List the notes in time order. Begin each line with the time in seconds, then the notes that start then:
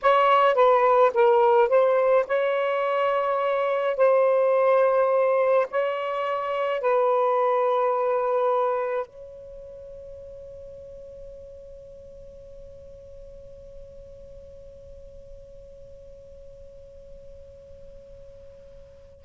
0.02 C#5
0.54 B4
1.13 A#4
1.68 C5
2.26 C#5
3.96 C5
5.70 C#5
6.80 B4
9.06 C#5